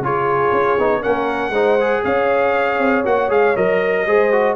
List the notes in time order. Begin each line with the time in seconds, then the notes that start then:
0.00 C#3 F4 G#4 C#5
0.52 C#4
0.78 B3 D#4
1.01 A#3 C#4 A#4 F#5
1.50 G#3 D#4 C5
1.80 G#4
2.04 C#4 C#5 F5
2.79 C4
3.05 A#3 F#4 F#5
3.29 G#3 G#4 F5
3.57 F#3 A#4 D#5
4.07 G#3 G#4 C5
4.33 F#4